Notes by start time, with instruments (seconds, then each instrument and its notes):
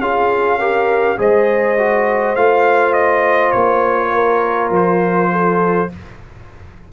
0.00 tuba C#4, trombone F4, horn G#4, trumpet F5
0.59 trombone G4, horn A#4
1.18 tuba G#3, trombone G#4, horn C5, trumpet D#5
1.78 trombone F#4
2.36 tuba A3, trombone F4, trumpet F5
2.94 trumpet D#5
3.52 tuba A#3, trumpet C#5
4.14 horn A#4
4.70 tuba F3, trumpet C5
5.32 horn A4